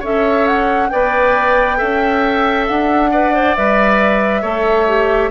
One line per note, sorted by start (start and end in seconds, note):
0.00 0.91 C#4
0.00 0.91 A4
0.00 0.88 C#5
0.00 0.47 E5
0.47 0.90 F#5
0.90 1.81 B3
0.90 1.77 B4
0.90 1.78 D5
0.90 2.66 G5
1.77 2.69 C#4
1.77 3.10 A4
1.77 3.10 E5
2.68 3.57 D4
2.68 3.56 F#5
3.11 3.34 B4
3.11 4.42 D5
3.34 3.56 C5
3.56 4.43 G3
3.56 4.43 B4
3.56 5.32 E5
4.42 5.31 A3
4.42 4.87 A4
4.42 5.30 C#5
4.88 5.32 G4